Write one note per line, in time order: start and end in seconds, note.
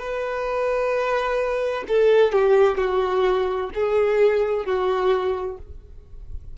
0.00 1.85 B4
1.89 2.33 A4
2.33 2.78 G4
2.78 3.70 F#4
3.75 4.66 G#4
4.66 5.58 F#4